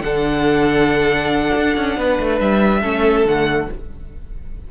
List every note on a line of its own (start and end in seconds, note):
0.00 1.51 D3
0.00 2.83 D4
0.00 1.99 A4
0.00 2.39 F#5
1.56 1.77 D4
1.77 1.97 C#4
1.97 2.19 B3
1.97 2.81 B4
2.20 2.40 A3
2.40 2.82 G3
2.40 3.27 E5
2.81 3.25 A3
2.81 3.26 C#4
2.81 3.67 A4
3.25 3.68 D3
3.25 3.70 A3
3.25 3.71 F#5